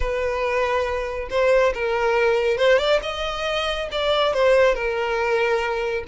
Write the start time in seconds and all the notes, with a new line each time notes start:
0.00 B4
1.30 C5
1.74 A#4
2.57 C5
2.78 D5
3.02 D#5
3.91 D5
4.33 C5
4.74 A#4